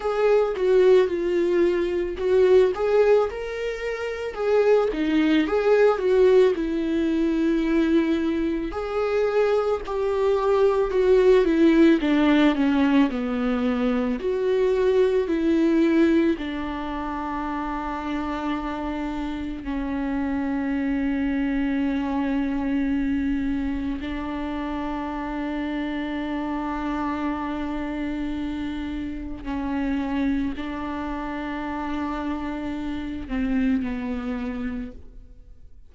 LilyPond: \new Staff \with { instrumentName = "viola" } { \time 4/4 \tempo 4 = 55 gis'8 fis'8 f'4 fis'8 gis'8 ais'4 | gis'8 dis'8 gis'8 fis'8 e'2 | gis'4 g'4 fis'8 e'8 d'8 cis'8 | b4 fis'4 e'4 d'4~ |
d'2 cis'2~ | cis'2 d'2~ | d'2. cis'4 | d'2~ d'8 c'8 b4 | }